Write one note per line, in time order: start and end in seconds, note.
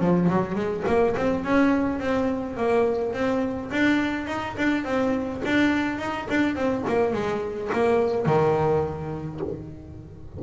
0.00 0.29 F3
0.30 0.55 F#3
0.55 0.84 G#3
0.87 1.15 A#3
1.16 1.44 C4
1.44 2.00 C#4
2.00 2.57 C4
2.57 3.13 A#3
3.13 3.70 C4
3.71 4.28 D4
4.28 4.56 D#4
4.57 4.84 D4
4.84 5.42 C4
5.45 5.99 D4
5.99 6.28 D#4
6.30 6.56 D4
6.56 6.84 C4
6.87 7.14 A#3
7.14 7.71 G#3
7.73 8.26 A#3
8.26 9.40 D#3